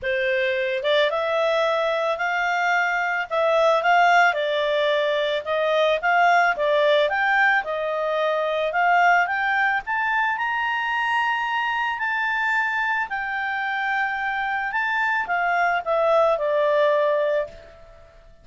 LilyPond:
\new Staff \with { instrumentName = "clarinet" } { \time 4/4 \tempo 4 = 110 c''4. d''8 e''2 | f''2 e''4 f''4 | d''2 dis''4 f''4 | d''4 g''4 dis''2 |
f''4 g''4 a''4 ais''4~ | ais''2 a''2 | g''2. a''4 | f''4 e''4 d''2 | }